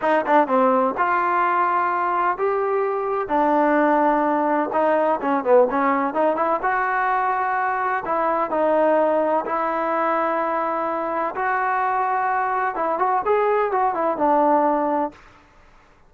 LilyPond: \new Staff \with { instrumentName = "trombone" } { \time 4/4 \tempo 4 = 127 dis'8 d'8 c'4 f'2~ | f'4 g'2 d'4~ | d'2 dis'4 cis'8 b8 | cis'4 dis'8 e'8 fis'2~ |
fis'4 e'4 dis'2 | e'1 | fis'2. e'8 fis'8 | gis'4 fis'8 e'8 d'2 | }